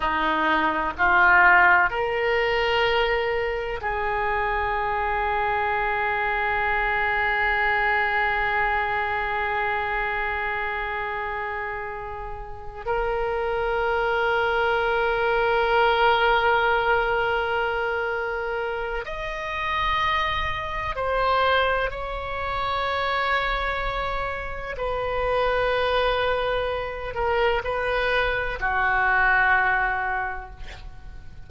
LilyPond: \new Staff \with { instrumentName = "oboe" } { \time 4/4 \tempo 4 = 63 dis'4 f'4 ais'2 | gis'1~ | gis'1~ | gis'4. ais'2~ ais'8~ |
ais'1 | dis''2 c''4 cis''4~ | cis''2 b'2~ | b'8 ais'8 b'4 fis'2 | }